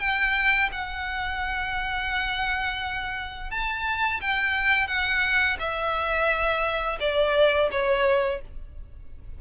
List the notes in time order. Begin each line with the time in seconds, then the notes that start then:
0.00 G5
0.72 F#5
3.51 A5
4.21 G5
4.87 F#5
5.59 E5
7.00 D5
7.72 C#5